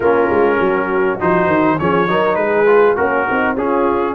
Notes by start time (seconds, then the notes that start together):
0.00 A#3 C#4 F4 A#4
0.29 G#3
0.60 F#3 F#4
1.19 F3 D#4 C5
1.46 D#3
1.78 F3 C#4 G#4 C#5
2.08 F#3 D#4 A#4
2.35 G#3 G#4 B4
2.66 F4
2.96 A#3 C#4 F#4 A#4
3.26 C4 D#4
3.56 C#4 F4 G#4